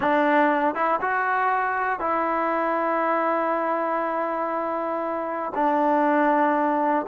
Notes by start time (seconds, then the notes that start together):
0.00 D4
0.74 E4
1.01 F#4
1.99 E4
5.54 D4